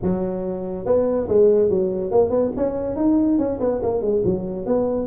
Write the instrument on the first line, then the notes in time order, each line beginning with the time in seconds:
tuba
0.02 F#3
0.85 B3
1.28 G#3
1.69 F#3
2.11 A#3
2.30 B3
2.56 C#4
2.96 D#4
3.38 C#4
3.60 B3
3.83 A#3
4.01 G#3
4.24 F#3
4.66 B3